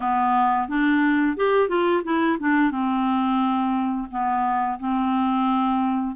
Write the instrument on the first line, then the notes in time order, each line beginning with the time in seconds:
clarinet
0.00 B3
0.68 D4
1.36 G4
1.68 F4
2.03 E4
2.39 D4
2.71 C4
4.10 B3
4.79 C4